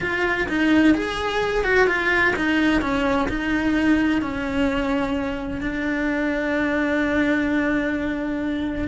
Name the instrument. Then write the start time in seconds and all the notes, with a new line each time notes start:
cello
0.00 F4
0.48 D#4
0.94 G#4
1.64 F#4
1.87 F4
2.36 D#4
2.81 C#4
3.28 D#4
4.21 C#4
5.61 D4